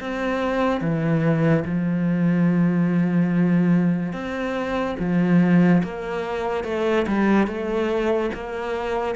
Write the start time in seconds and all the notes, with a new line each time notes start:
0.00 C4
0.80 E3
1.64 F3
4.12 C4
4.99 F3
5.83 A#3
6.64 A3
7.07 G3
7.47 A3
8.34 A#3